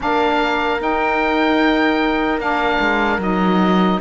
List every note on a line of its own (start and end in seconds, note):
0.00 0.80 A#3
0.00 0.78 D4
0.00 4.00 A#4
0.00 0.81 F5
0.79 2.39 D#4
0.79 2.38 D#4
0.79 2.40 G5
2.38 2.78 A#3
2.38 3.19 D4
2.38 3.20 F5
2.80 3.18 G#3
3.18 3.98 F#3
3.18 4.00 D#4
3.18 4.00 D#5